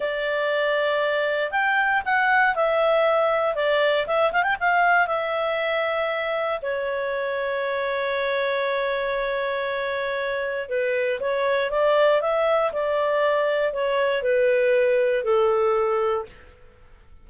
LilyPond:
\new Staff \with { instrumentName = "clarinet" } { \time 4/4 \tempo 4 = 118 d''2. g''4 | fis''4 e''2 d''4 | e''8 f''16 g''16 f''4 e''2~ | e''4 cis''2.~ |
cis''1~ | cis''4 b'4 cis''4 d''4 | e''4 d''2 cis''4 | b'2 a'2 | }